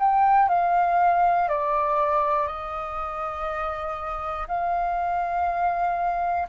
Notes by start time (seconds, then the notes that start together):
0.00 G5
0.49 F5
1.49 D5
2.48 D#5
4.48 F5